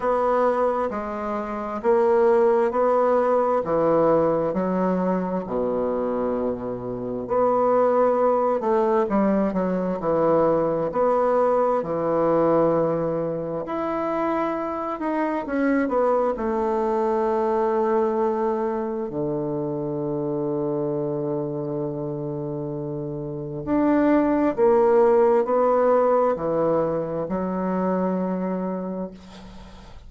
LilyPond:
\new Staff \with { instrumentName = "bassoon" } { \time 4/4 \tempo 4 = 66 b4 gis4 ais4 b4 | e4 fis4 b,2 | b4. a8 g8 fis8 e4 | b4 e2 e'4~ |
e'8 dis'8 cis'8 b8 a2~ | a4 d2.~ | d2 d'4 ais4 | b4 e4 fis2 | }